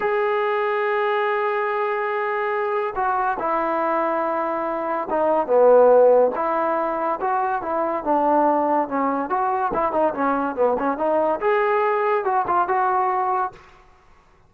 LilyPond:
\new Staff \with { instrumentName = "trombone" } { \time 4/4 \tempo 4 = 142 gis'1~ | gis'2. fis'4 | e'1 | dis'4 b2 e'4~ |
e'4 fis'4 e'4 d'4~ | d'4 cis'4 fis'4 e'8 dis'8 | cis'4 b8 cis'8 dis'4 gis'4~ | gis'4 fis'8 f'8 fis'2 | }